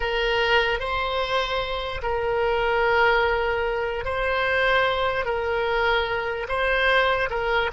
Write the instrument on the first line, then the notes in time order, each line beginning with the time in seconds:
oboe
0.00 A#4
0.79 C5
2.02 A#4
4.04 C5
5.25 A#4
6.48 C5
7.30 A#4